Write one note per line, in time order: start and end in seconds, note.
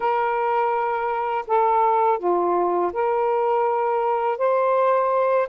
0.00 1.45 A#4
1.47 2.19 A4
2.19 2.92 F4
2.92 4.38 A#4
4.38 5.47 C5